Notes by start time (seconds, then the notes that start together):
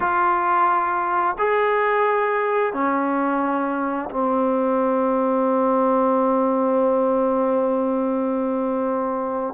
0.00 F4
1.38 G#4
2.73 C#4
4.10 C4